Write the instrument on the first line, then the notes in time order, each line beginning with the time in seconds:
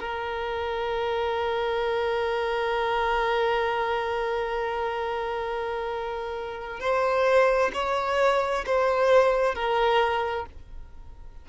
violin
0.00 A#4
6.80 C5
7.74 C#5
8.66 C5
9.55 A#4